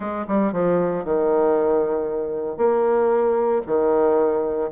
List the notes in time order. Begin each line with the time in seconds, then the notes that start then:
0.00 G#3
0.27 G3
0.52 F3
1.04 D#3
2.57 A#3
3.66 D#3